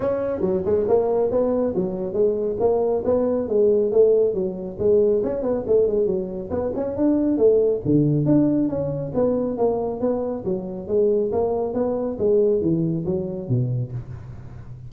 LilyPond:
\new Staff \with { instrumentName = "tuba" } { \time 4/4 \tempo 4 = 138 cis'4 fis8 gis8 ais4 b4 | fis4 gis4 ais4 b4 | gis4 a4 fis4 gis4 | cis'8 b8 a8 gis8 fis4 b8 cis'8 |
d'4 a4 d4 d'4 | cis'4 b4 ais4 b4 | fis4 gis4 ais4 b4 | gis4 e4 fis4 b,4 | }